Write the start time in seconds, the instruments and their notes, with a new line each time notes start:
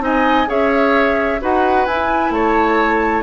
0.00 bassoon C4, clarinet D#4, oboe D#5, flute G#5
0.47 bassoon C#4, clarinet G#4, oboe C#5, flute E5
1.41 bassoon D#4, clarinet F#4, oboe B4, flute F#5
1.86 bassoon E4, clarinet E4, flute G#5
2.30 bassoon A3, oboe C#5, flute A5